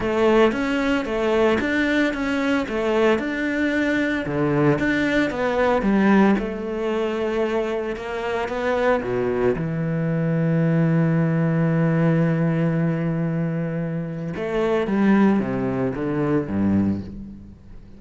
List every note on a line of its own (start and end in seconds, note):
0.00 0.52 A3
0.52 1.05 C#4
1.05 1.58 A3
1.60 2.13 D4
2.13 2.66 C#4
2.68 3.19 A3
3.19 4.25 D4
4.26 4.78 D3
4.78 5.30 D4
5.30 5.82 B3
5.82 6.35 G3
6.39 7.96 A3
7.96 8.48 A#3
8.48 9.01 B3
9.02 9.55 B2
9.56 14.33 E3
14.36 14.87 A3
14.87 15.39 G3
15.39 15.92 C3
15.94 16.47 D3
16.47 17.00 G2